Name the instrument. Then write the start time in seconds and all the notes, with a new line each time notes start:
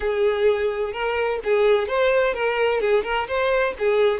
violin
0.00 G#4
0.92 A#4
1.44 G#4
1.87 C5
2.34 A#4
2.80 G#4
3.03 A#4
3.27 C5
3.78 G#4